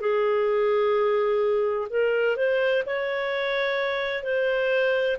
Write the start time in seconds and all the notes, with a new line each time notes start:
0.00 G#4
1.89 A#4
2.36 C5
2.86 C#5
4.23 C5